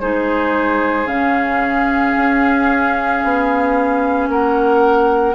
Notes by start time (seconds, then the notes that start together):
0.00 G#3 D#4 G#4 C5
1.05 C#3 C#4 F5
2.16 C#4
3.23 B3
4.28 A#3 A#4 F#5